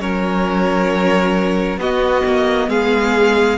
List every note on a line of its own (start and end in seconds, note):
0.00 1.77 F#3
0.00 1.79 C#4
0.00 1.80 A#4
0.00 1.80 C#5
1.77 2.22 B3
1.77 3.58 B3
1.77 2.70 F#4
1.77 2.70 D#5
2.25 2.68 A#3
2.68 3.58 G#3
2.68 3.58 G#4
2.68 3.58 F5